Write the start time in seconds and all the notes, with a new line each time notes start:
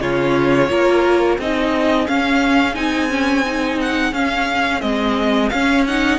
0.00 C#3 C#4 F4 C#5
0.69 A#3 F4 A#4
1.39 C4 D#4 G#4 D#5
2.07 C#4 F5
2.75 C4 D#4 G#5
3.09 C#4
3.46 D#4
3.81 F#5
4.13 C#4 F5
4.81 G#3 C4 D#5
5.50 C#4 F5
5.87 D#4 F#5